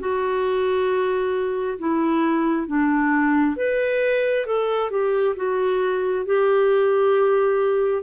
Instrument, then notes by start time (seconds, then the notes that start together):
clarinet
0.00 F#4
1.80 E4
2.68 D4
3.57 B4
4.47 A4
4.91 G4
5.36 F#4
6.26 G4